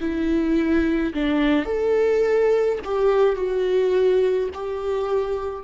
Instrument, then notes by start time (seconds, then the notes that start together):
viola
0.00 E4
1.14 D4
1.66 A4
2.85 G4
3.36 F#4
4.54 G4